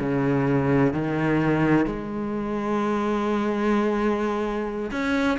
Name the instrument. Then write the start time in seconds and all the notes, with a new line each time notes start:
cello
0.00 C#3
0.94 D#3
1.87 G#3
4.92 C#4